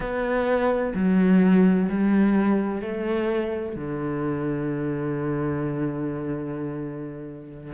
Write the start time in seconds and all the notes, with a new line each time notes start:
0.00 B3
0.95 F#3
1.89 G3
2.81 A3
3.75 D3